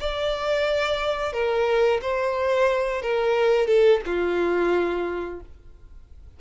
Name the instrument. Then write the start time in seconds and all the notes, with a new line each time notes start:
violin
0.00 D5
1.33 A#4
2.02 C5
3.02 A#4
3.67 A4
4.05 F4